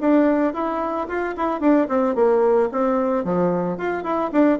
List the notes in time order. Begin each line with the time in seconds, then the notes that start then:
0.00 D4
0.53 E4
1.08 F4
1.36 E4
1.60 D4
1.88 C4
2.15 A#3
2.71 C4
3.24 F3
3.77 F4
4.03 E4
4.32 D4